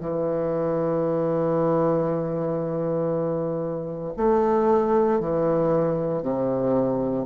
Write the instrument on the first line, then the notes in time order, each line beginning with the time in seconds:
bassoon
0.00 E3
4.17 A3
5.20 E3
6.23 C3